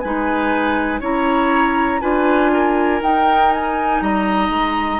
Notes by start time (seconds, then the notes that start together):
0.00 G#3 D#4 B4 G#5
1.00 C#4 E4 C#5 A#5
2.01 D4 F4 B4 G#5
2.53 A#4
3.01 D#4 G5
3.52 G#5
4.01 G3 D#5 A#5
4.49 G#3